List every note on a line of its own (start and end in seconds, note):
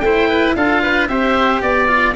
0.00 0.53 A3
0.00 0.57 E4
0.00 0.29 C5
0.00 0.53 G5
0.29 0.56 B4
0.56 1.09 D4
0.56 1.09 F4
0.56 0.83 A4
0.56 1.08 F5
0.83 1.09 B4
1.08 1.62 C4
1.08 1.88 G4
1.08 1.63 C5
1.08 1.61 E5
1.61 2.15 B3
1.61 2.14 D5
1.61 2.16 D5
1.88 2.15 F4